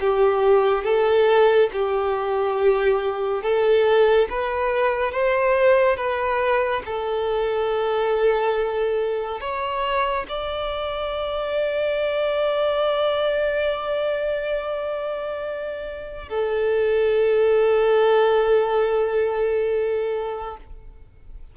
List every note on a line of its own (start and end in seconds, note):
0.00 0.83 G4
0.83 1.69 A4
1.73 3.42 G4
3.42 4.28 A4
4.29 5.12 B4
5.12 5.96 C5
5.96 6.82 B4
6.85 9.40 A4
9.40 10.26 C#5
10.29 16.28 D5
16.28 20.57 A4